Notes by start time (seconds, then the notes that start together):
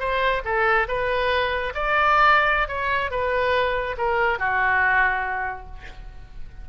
0.00 C5
0.45 A4
0.89 B4
1.75 D5
2.69 C#5
3.11 B4
3.98 A#4
4.39 F#4